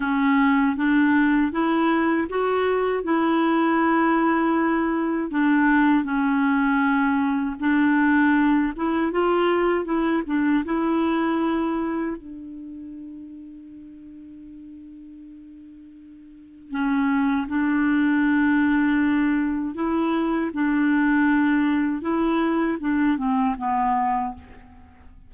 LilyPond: \new Staff \with { instrumentName = "clarinet" } { \time 4/4 \tempo 4 = 79 cis'4 d'4 e'4 fis'4 | e'2. d'4 | cis'2 d'4. e'8 | f'4 e'8 d'8 e'2 |
d'1~ | d'2 cis'4 d'4~ | d'2 e'4 d'4~ | d'4 e'4 d'8 c'8 b4 | }